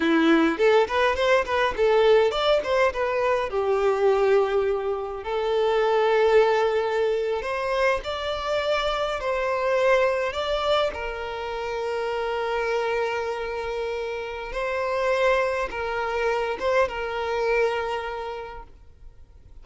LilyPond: \new Staff \with { instrumentName = "violin" } { \time 4/4 \tempo 4 = 103 e'4 a'8 b'8 c''8 b'8 a'4 | d''8 c''8 b'4 g'2~ | g'4 a'2.~ | a'8. c''4 d''2 c''16~ |
c''4.~ c''16 d''4 ais'4~ ais'16~ | ais'1~ | ais'4 c''2 ais'4~ | ais'8 c''8 ais'2. | }